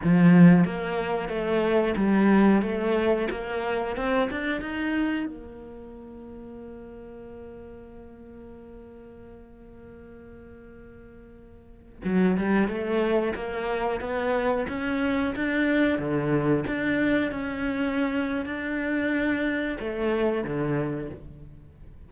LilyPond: \new Staff \with { instrumentName = "cello" } { \time 4/4 \tempo 4 = 91 f4 ais4 a4 g4 | a4 ais4 c'8 d'8 dis'4 | ais1~ | ais1~ |
ais2~ ais16 fis8 g8 a8.~ | a16 ais4 b4 cis'4 d'8.~ | d'16 d4 d'4 cis'4.~ cis'16 | d'2 a4 d4 | }